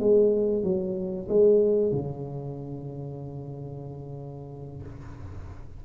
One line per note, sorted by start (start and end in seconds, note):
0.00 0.63 G#3
0.63 1.28 F#3
1.29 1.92 G#3
1.92 4.83 C#3